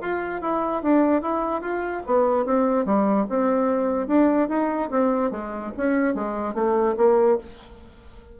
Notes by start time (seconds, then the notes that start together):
0.00 F4
0.41 E4
0.82 D4
1.21 E4
1.61 F4
2.06 B3
2.45 C4
2.85 G3
3.29 C4
4.07 D4
4.48 D#4
4.90 C4
5.31 G#3
5.77 C#4
6.14 G#3
6.54 A3
6.97 A#3